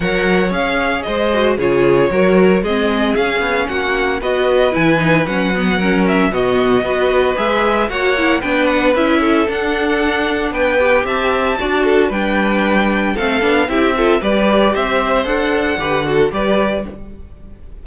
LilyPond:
<<
  \new Staff \with { instrumentName = "violin" } { \time 4/4 \tempo 4 = 114 fis''4 f''4 dis''4 cis''4~ | cis''4 dis''4 f''4 fis''4 | dis''4 gis''4 fis''4. e''8 | dis''2 e''4 fis''4 |
g''8 fis''8 e''4 fis''2 | g''4 a''2 g''4~ | g''4 f''4 e''4 d''4 | e''4 fis''2 d''4 | }
  \new Staff \with { instrumentName = "violin" } { \time 4/4 cis''2 c''4 gis'4 | ais'4 gis'2 fis'4 | b'2. ais'4 | fis'4 b'2 cis''4 |
b'4. a'2~ a'8 | b'4 e''4 d''8 a'8 b'4~ | b'4 a'4 g'8 a'8 b'4 | c''2 b'8 a'8 b'4 | }
  \new Staff \with { instrumentName = "viola" } { \time 4/4 ais'4 gis'4. fis'8 f'4 | fis'4 c'4 cis'2 | fis'4 e'8 dis'8 cis'8 b8 cis'4 | b4 fis'4 gis'4 fis'8 e'8 |
d'4 e'4 d'2~ | d'8 g'4. fis'4 d'4~ | d'4 c'8 d'8 e'8 f'8 g'4~ | g'4 a'4 g'8 fis'8 g'4 | }
  \new Staff \with { instrumentName = "cello" } { \time 4/4 fis4 cis'4 gis4 cis4 | fis4 gis4 cis'8 b8 ais4 | b4 e4 fis2 | b,4 b4 gis4 ais4 |
b4 cis'4 d'2 | b4 c'4 d'4 g4~ | g4 a8 b8 c'4 g4 | c'4 d'4 d4 g4 | }
>>